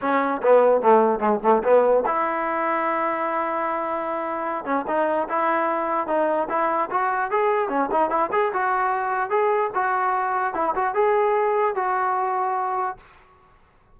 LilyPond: \new Staff \with { instrumentName = "trombone" } { \time 4/4 \tempo 4 = 148 cis'4 b4 a4 gis8 a8 | b4 e'2.~ | e'2.~ e'8 cis'8 | dis'4 e'2 dis'4 |
e'4 fis'4 gis'4 cis'8 dis'8 | e'8 gis'8 fis'2 gis'4 | fis'2 e'8 fis'8 gis'4~ | gis'4 fis'2. | }